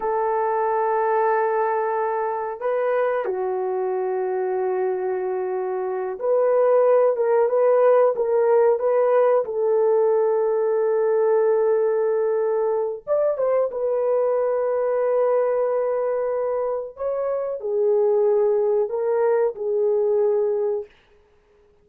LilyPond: \new Staff \with { instrumentName = "horn" } { \time 4/4 \tempo 4 = 92 a'1 | b'4 fis'2.~ | fis'4. b'4. ais'8 b'8~ | b'8 ais'4 b'4 a'4.~ |
a'1 | d''8 c''8 b'2.~ | b'2 cis''4 gis'4~ | gis'4 ais'4 gis'2 | }